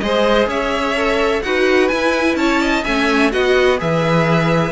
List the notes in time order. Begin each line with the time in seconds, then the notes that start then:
0.00 G#3 G#4 C5 D#5
0.47 C#4 C#5 E5
0.96 A4
1.42 D#4 F#4 B4 F#5
1.88 E4 G#5
2.35 C#4 C#5 A5
2.62 D#5
2.84 A3 C#4 E5 G#5
3.31 B3 F#4 D#5 F#5
3.78 E3 G#4 B4 E5